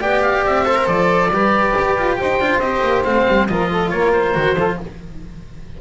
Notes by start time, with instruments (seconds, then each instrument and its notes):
0.00 double bass B3, cello G4, saxophone D5, oboe G5
0.23 oboe F5
0.45 double bass C4, oboe E5
0.65 cello A4, saxophone C5
0.76 cello A#4
0.86 double bass F3, cello A4, oboe D5
1.30 double bass G3, cello G4, saxophone B4
1.78 double bass G4
1.98 double bass F4
2.17 double bass D#4, saxophone C5, oboe G5
2.40 double bass D4, cello F4
2.59 double bass C4, cello G4, oboe D#5
2.83 double bass A#3
3.04 double bass A3, cello C4, oboe F5
3.28 double bass G3
3.48 double bass F3, cello F4, saxophone A#4, oboe D#5
3.70 saxophone A4
3.90 double bass A#3, saxophone A#4, oboe C#5
4.13 oboe C5
4.35 double bass D#3, cello F#4
4.56 double bass F3, cello F4, saxophone A4